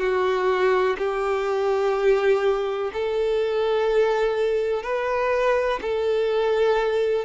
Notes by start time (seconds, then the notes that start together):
0.00 F#4
0.98 G4
2.93 A4
4.83 B4
5.82 A4